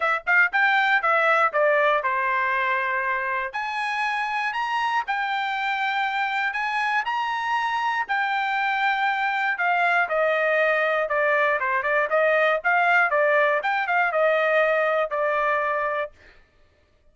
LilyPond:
\new Staff \with { instrumentName = "trumpet" } { \time 4/4 \tempo 4 = 119 e''8 f''8 g''4 e''4 d''4 | c''2. gis''4~ | gis''4 ais''4 g''2~ | g''4 gis''4 ais''2 |
g''2. f''4 | dis''2 d''4 c''8 d''8 | dis''4 f''4 d''4 g''8 f''8 | dis''2 d''2 | }